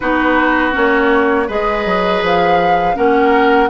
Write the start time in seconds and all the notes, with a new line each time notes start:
0.00 B3 D#4 F#4 B4
0.72 A#3 C#4 C#5
1.47 G#3 G#4 B4 D#5
1.85 F#3
2.21 F3 F5
2.94 A#3 C#4 A#4 F#5